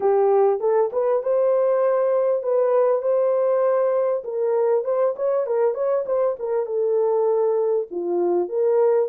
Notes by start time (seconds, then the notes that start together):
0.00 G4
0.60 A4
0.92 B4
1.22 C5
2.42 B4
3.02 C5
4.24 A#4
4.84 C5
5.16 C#5
5.46 A#4
5.74 C#5
6.06 C5
6.39 A#4
6.65 A4
7.90 F4
8.48 A#4